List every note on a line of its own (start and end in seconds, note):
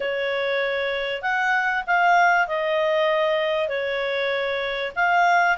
0.00 1.22 C#5
1.22 1.84 F#5
1.86 2.47 F5
2.47 3.68 D#5
3.68 4.92 C#5
4.95 5.57 F5